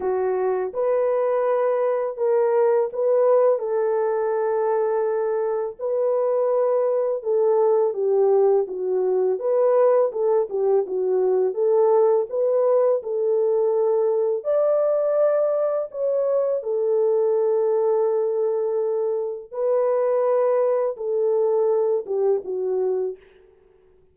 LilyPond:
\new Staff \with { instrumentName = "horn" } { \time 4/4 \tempo 4 = 83 fis'4 b'2 ais'4 | b'4 a'2. | b'2 a'4 g'4 | fis'4 b'4 a'8 g'8 fis'4 |
a'4 b'4 a'2 | d''2 cis''4 a'4~ | a'2. b'4~ | b'4 a'4. g'8 fis'4 | }